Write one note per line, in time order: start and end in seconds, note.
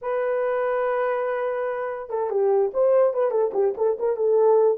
0.01 2.09 B4
2.09 2.29 A4
2.29 2.71 G4
2.73 3.13 C5
3.13 3.30 B4
3.30 3.51 A4
3.53 3.74 G4
3.77 3.98 A4
3.99 4.16 A#4
4.16 4.78 A4